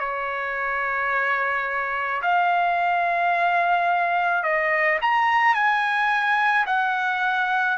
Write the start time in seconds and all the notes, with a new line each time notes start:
0.00 C#5
2.23 F5
4.44 D#5
5.02 A#5
5.55 G#5
6.67 F#5